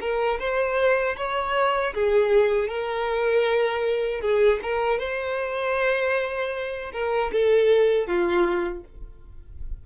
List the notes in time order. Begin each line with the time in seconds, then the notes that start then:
0.00 A#4
0.39 C5
1.16 C#5
1.94 G#4
2.68 A#4
4.21 G#4
4.62 A#4
4.99 C5
6.92 A#4
7.32 A4
8.07 F4